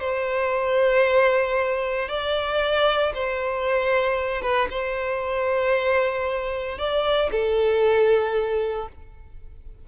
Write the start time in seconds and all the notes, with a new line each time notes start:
0.00 C5
2.09 D5
3.15 C5
4.42 B4
4.70 C5
6.78 D5
7.32 A4